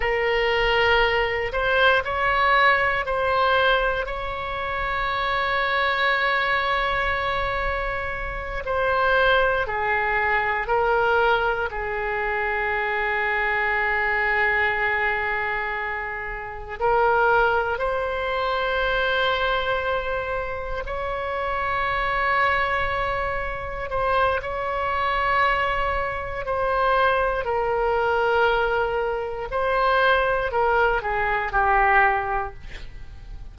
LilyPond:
\new Staff \with { instrumentName = "oboe" } { \time 4/4 \tempo 4 = 59 ais'4. c''8 cis''4 c''4 | cis''1~ | cis''8 c''4 gis'4 ais'4 gis'8~ | gis'1~ |
gis'8 ais'4 c''2~ c''8~ | c''8 cis''2. c''8 | cis''2 c''4 ais'4~ | ais'4 c''4 ais'8 gis'8 g'4 | }